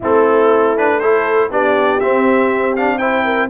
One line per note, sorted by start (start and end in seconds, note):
0.00 1.50 A3
0.00 0.76 C4
0.00 0.97 E4
0.00 0.77 A4
0.76 1.01 D4
0.76 0.99 B4
0.99 1.50 E4
0.99 1.50 A4
0.99 1.49 C5
1.50 2.00 B3
1.50 2.00 D4
1.50 2.98 G4
1.50 2.00 D5
2.00 2.76 C4
2.00 3.50 C4
2.00 2.75 E5
2.75 3.00 D4
2.75 2.98 F5
2.98 3.50 E4
2.98 3.23 C5
2.98 3.48 G5
3.24 3.49 A#4